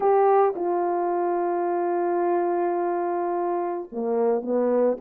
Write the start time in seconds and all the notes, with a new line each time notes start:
0.00 G4
0.55 F4
3.92 A#3
4.41 B3